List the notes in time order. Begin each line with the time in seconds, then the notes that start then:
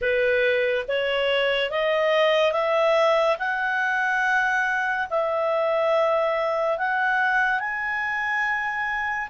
0.01 B4
0.88 C#5
1.70 D#5
2.52 E5
3.38 F#5
5.10 E5
6.78 F#5
7.59 G#5